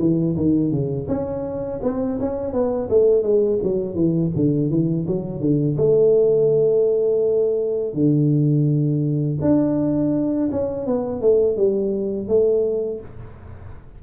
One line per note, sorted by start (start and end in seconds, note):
0.00 0.36 E3
0.37 0.72 D#3
0.72 1.08 C#3
1.08 1.81 C#4
1.83 2.19 C4
2.20 2.53 C#4
2.53 2.89 B3
2.90 3.23 A3
3.23 3.59 G#3
3.63 3.95 F#3
3.95 4.31 E3
4.36 4.71 D3
4.71 5.07 E3
5.08 5.41 F#3
5.41 5.77 D3
5.77 7.94 A3
7.94 9.39 D3
9.42 10.50 D4
10.52 10.87 C#4
10.87 11.22 B3
11.22 11.57 A3
11.57 12.29 G3
12.29 13.01 A3